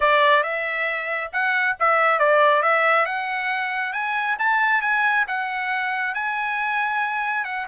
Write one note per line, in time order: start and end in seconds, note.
0.00 0.43 D5
0.43 1.30 E5
1.32 1.76 F#5
1.79 2.19 E5
2.19 2.62 D5
2.62 3.05 E5
3.05 3.93 F#5
3.93 4.36 G#5
4.39 4.81 A5
4.81 5.25 G#5
5.27 6.14 F#5
6.14 7.44 G#5
7.44 7.66 F#5